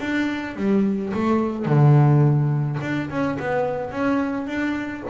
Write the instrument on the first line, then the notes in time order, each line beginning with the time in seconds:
double bass
0.00 D4
0.56 G3
1.14 A3
1.66 D3
2.81 D4
3.10 C#4
3.39 B3
3.91 C#4
4.47 D4